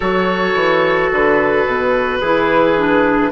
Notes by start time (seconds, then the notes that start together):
0.00 F#3 F#4 A4 C#5
0.54 E3
1.11 D3 B4
1.66 B2
2.21 E3 E4 G#4
2.76 D4